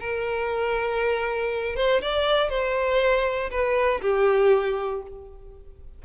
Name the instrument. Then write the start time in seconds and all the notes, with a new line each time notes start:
violin
0.00 A#4
1.76 C5
2.02 D5
2.50 C5
3.51 B4
4.02 G4